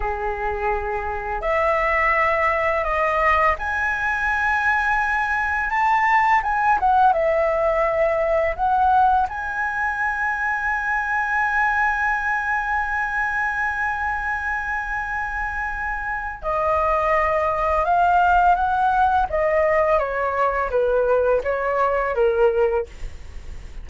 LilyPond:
\new Staff \with { instrumentName = "flute" } { \time 4/4 \tempo 4 = 84 gis'2 e''2 | dis''4 gis''2. | a''4 gis''8 fis''8 e''2 | fis''4 gis''2.~ |
gis''1~ | gis''2. dis''4~ | dis''4 f''4 fis''4 dis''4 | cis''4 b'4 cis''4 ais'4 | }